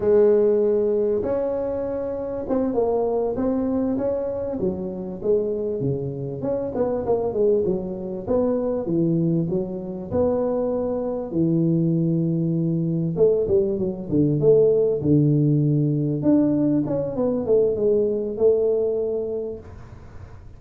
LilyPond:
\new Staff \with { instrumentName = "tuba" } { \time 4/4 \tempo 4 = 98 gis2 cis'2 | c'8 ais4 c'4 cis'4 fis8~ | fis8 gis4 cis4 cis'8 b8 ais8 | gis8 fis4 b4 e4 fis8~ |
fis8 b2 e4.~ | e4. a8 g8 fis8 d8 a8~ | a8 d2 d'4 cis'8 | b8 a8 gis4 a2 | }